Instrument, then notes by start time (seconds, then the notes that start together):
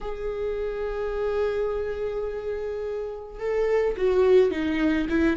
viola
0.00 G#4
3.39 A4
3.96 F#4
4.50 D#4
5.09 E4